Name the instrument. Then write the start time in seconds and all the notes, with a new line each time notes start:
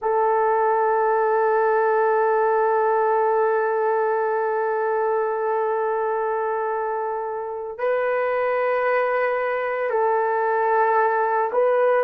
horn
0.01 A4
7.77 B4
9.90 A4
11.52 B4